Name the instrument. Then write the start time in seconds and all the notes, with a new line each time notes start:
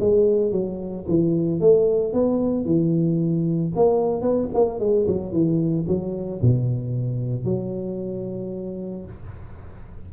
tuba
0.00 G#3
0.52 F#3
1.08 E3
1.60 A3
2.14 B3
2.65 E3
3.75 A#3
4.22 B3
4.54 A#3
4.79 G#3
5.07 F#3
5.33 E3
5.88 F#3
6.42 B2
7.45 F#3